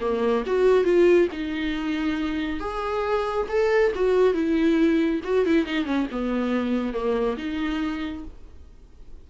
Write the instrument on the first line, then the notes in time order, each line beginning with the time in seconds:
viola
0.00 A#3
0.46 F#4
0.84 F4
1.32 D#4
2.59 G#4
3.48 A4
3.94 F#4
4.34 E4
5.24 F#4
5.46 E4
5.65 D#4
5.84 C#4
6.11 B3
6.93 A#3
7.37 D#4